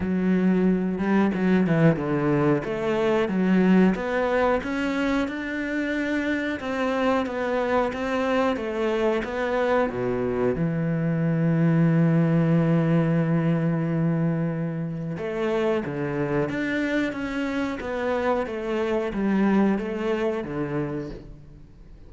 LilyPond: \new Staff \with { instrumentName = "cello" } { \time 4/4 \tempo 4 = 91 fis4. g8 fis8 e8 d4 | a4 fis4 b4 cis'4 | d'2 c'4 b4 | c'4 a4 b4 b,4 |
e1~ | e2. a4 | d4 d'4 cis'4 b4 | a4 g4 a4 d4 | }